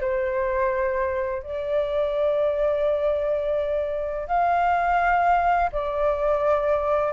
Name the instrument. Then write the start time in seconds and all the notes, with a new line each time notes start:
flute
0.00 C5
1.42 D5
4.27 F5
5.72 D5